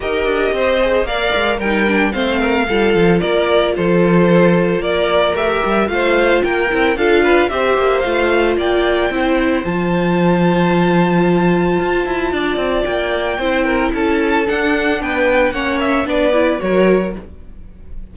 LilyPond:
<<
  \new Staff \with { instrumentName = "violin" } { \time 4/4 \tempo 4 = 112 dis''2 f''4 g''4 | f''2 d''4 c''4~ | c''4 d''4 e''4 f''4 | g''4 f''4 e''4 f''4 |
g''2 a''2~ | a''1 | g''2 a''4 fis''4 | g''4 fis''8 e''8 d''4 cis''4 | }
  \new Staff \with { instrumentName = "violin" } { \time 4/4 ais'4 c''4 d''4 ais'4 | c''8 ais'8 a'4 ais'4 a'4~ | a'4 ais'2 c''4 | ais'4 a'8 b'8 c''2 |
d''4 c''2.~ | c''2. d''4~ | d''4 c''8 ais'8 a'2 | b'4 cis''4 b'4 ais'4 | }
  \new Staff \with { instrumentName = "viola" } { \time 4/4 g'4. gis'8 ais'4 dis'8 d'8 | c'4 f'2.~ | f'2 g'4 f'4~ | f'8 e'8 f'4 g'4 f'4~ |
f'4 e'4 f'2~ | f'1~ | f'4 e'2 d'4~ | d'4 cis'4 d'8 e'8 fis'4 | }
  \new Staff \with { instrumentName = "cello" } { \time 4/4 dis'8 d'8 c'4 ais8 gis8 g4 | a4 g8 f8 ais4 f4~ | f4 ais4 a8 g8 a4 | ais8 c'8 d'4 c'8 ais8 a4 |
ais4 c'4 f2~ | f2 f'8 e'8 d'8 c'8 | ais4 c'4 cis'4 d'4 | b4 ais4 b4 fis4 | }
>>